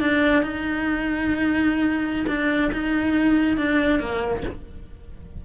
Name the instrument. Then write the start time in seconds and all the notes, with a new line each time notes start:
cello
0.00 D4
0.42 D#4
2.28 D4
2.73 D#4
3.57 D4
3.99 A#3